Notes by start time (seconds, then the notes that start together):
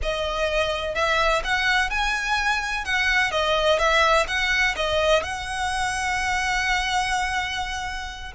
0.02 D#5
0.94 E5
1.44 F#5
1.90 G#5
2.84 F#5
3.31 D#5
3.78 E5
4.27 F#5
4.76 D#5
5.22 F#5